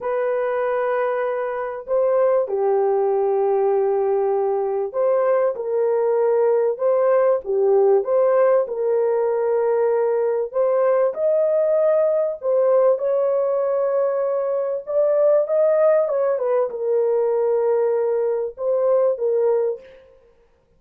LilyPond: \new Staff \with { instrumentName = "horn" } { \time 4/4 \tempo 4 = 97 b'2. c''4 | g'1 | c''4 ais'2 c''4 | g'4 c''4 ais'2~ |
ais'4 c''4 dis''2 | c''4 cis''2. | d''4 dis''4 cis''8 b'8 ais'4~ | ais'2 c''4 ais'4 | }